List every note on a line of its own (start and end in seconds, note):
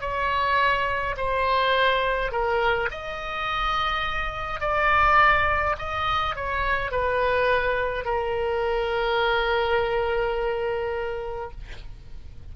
0.00 1.15 C#5
1.16 2.31 C5
2.31 2.89 A#4
2.91 4.60 D#5
4.60 5.75 D5
5.78 6.35 D#5
6.35 6.91 C#5
6.91 8.05 B4
8.05 11.51 A#4